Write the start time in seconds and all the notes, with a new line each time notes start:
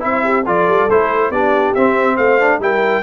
0.00 C4 E4 C5 E5
0.24 G4
0.45 F3 F4 A4 D5
0.68 G3
0.90 A3 E4 C5
1.30 B3 D4 G4 D5
1.74 C4 E5
2.16 A3 C5 F5
2.40 D4
2.59 G3 E4 A#4 G5